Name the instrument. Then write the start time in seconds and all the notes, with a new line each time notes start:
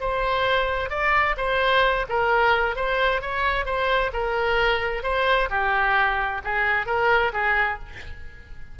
oboe
0.00 C5
0.90 D5
1.37 C5
2.09 A#4
2.76 C5
3.21 C#5
3.65 C5
4.13 A#4
5.03 C5
5.49 G4
6.44 G#4
6.86 A#4
7.33 G#4